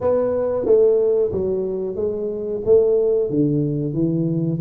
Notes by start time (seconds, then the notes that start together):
0.01 B3
0.65 A3
1.32 F#3
1.95 G#3
2.65 A3
3.30 D3
3.93 E3